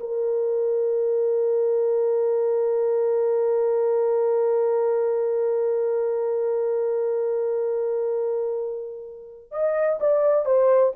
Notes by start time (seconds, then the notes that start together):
0.00 A#4
9.52 D#5
10.00 D5
10.46 C5